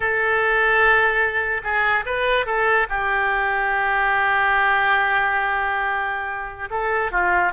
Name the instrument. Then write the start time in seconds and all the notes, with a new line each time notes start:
oboe
0.00 A4
1.63 G#4
2.05 B4
2.46 A4
2.89 G4
6.70 A4
7.11 F4